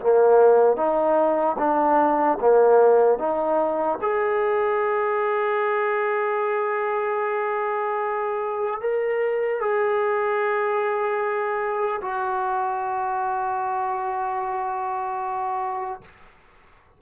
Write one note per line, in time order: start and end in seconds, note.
0.00 0.76 A#3
0.76 1.56 D#4
1.58 2.38 D4
2.40 3.19 A#3
3.19 3.99 D#4
4.01 8.80 G#4
8.80 9.60 A#4
9.61 12.01 G#4
12.01 16.01 F#4